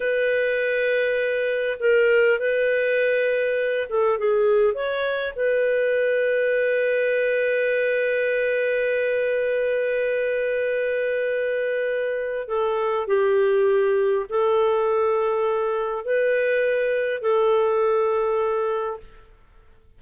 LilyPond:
\new Staff \with { instrumentName = "clarinet" } { \time 4/4 \tempo 4 = 101 b'2. ais'4 | b'2~ b'8 a'8 gis'4 | cis''4 b'2.~ | b'1~ |
b'1~ | b'4 a'4 g'2 | a'2. b'4~ | b'4 a'2. | }